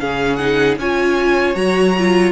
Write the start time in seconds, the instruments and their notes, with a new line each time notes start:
0.00 cello C#3, viola C#4, violin G#4 F5
0.36 viola D#4, violin F#5
0.78 cello C#4, viola F4, violin C#5 G#5
1.55 cello F#3, viola F#4, violin A#5
1.98 viola F4